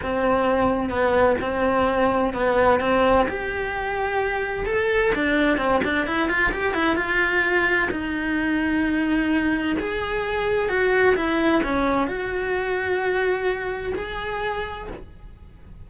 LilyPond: \new Staff \with { instrumentName = "cello" } { \time 4/4 \tempo 4 = 129 c'2 b4 c'4~ | c'4 b4 c'4 g'4~ | g'2 a'4 d'4 | c'8 d'8 e'8 f'8 g'8 e'8 f'4~ |
f'4 dis'2.~ | dis'4 gis'2 fis'4 | e'4 cis'4 fis'2~ | fis'2 gis'2 | }